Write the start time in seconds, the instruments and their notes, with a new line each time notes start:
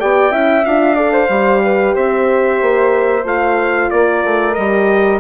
0.00 bassoon B3, horn G4, flute D5, trumpet G5
0.31 bassoon C#4, horn E4, flute E5
0.65 bassoon D4, horn F4, trumpet F5
0.95 horn A4, flute D5
1.13 flute C5
1.29 bassoon G3, horn G4
1.64 flute B4
1.95 bassoon C4, flute C5, trumpet E5
2.62 bassoon A#3
3.24 bassoon A3, horn F4, trumpet F5
3.91 bassoon A#3, flute A#4, trumpet D5
4.24 bassoon A3
4.55 bassoon G3, horn G4, trumpet D#5